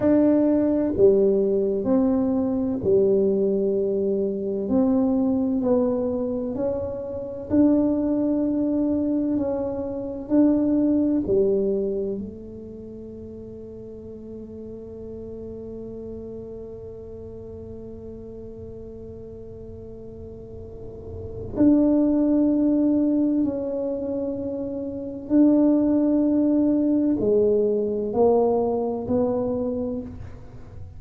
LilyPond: \new Staff \with { instrumentName = "tuba" } { \time 4/4 \tempo 4 = 64 d'4 g4 c'4 g4~ | g4 c'4 b4 cis'4 | d'2 cis'4 d'4 | g4 a2.~ |
a1~ | a2. d'4~ | d'4 cis'2 d'4~ | d'4 gis4 ais4 b4 | }